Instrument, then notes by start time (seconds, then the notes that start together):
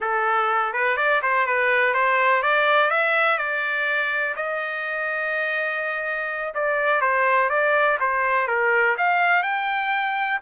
trumpet
0.00 A4
0.73 B4
0.97 D5
1.22 C5
1.46 B4
1.94 C5
2.42 D5
2.90 E5
3.38 D5
4.36 D#5
6.54 D5
7.01 C5
7.49 D5
7.99 C5
8.47 A#4
8.97 F5
9.42 G5